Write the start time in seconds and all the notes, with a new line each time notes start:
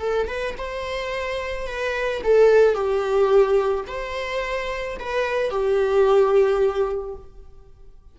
0.00 A4
0.27 B4
0.58 C5
1.67 B4
2.23 A4
2.74 G4
3.87 C5
4.99 B4
5.50 G4